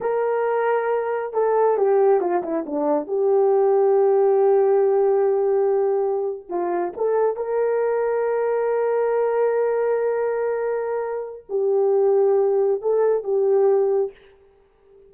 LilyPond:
\new Staff \with { instrumentName = "horn" } { \time 4/4 \tempo 4 = 136 ais'2. a'4 | g'4 f'8 e'8 d'4 g'4~ | g'1~ | g'2~ g'8. f'4 a'16~ |
a'8. ais'2.~ ais'16~ | ais'1~ | ais'2 g'2~ | g'4 a'4 g'2 | }